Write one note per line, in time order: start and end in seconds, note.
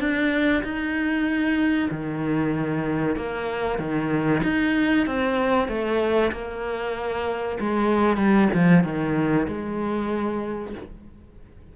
0.00 0.63 D4
0.63 1.90 D#4
1.91 3.16 D#3
3.16 3.79 A#3
3.79 4.42 D#3
4.44 5.07 D#4
5.07 5.68 C4
5.68 6.31 A3
6.32 7.58 A#3
7.60 8.17 G#3
8.17 8.49 G3
8.54 8.84 F3
8.84 9.47 D#3
9.48 10.74 G#3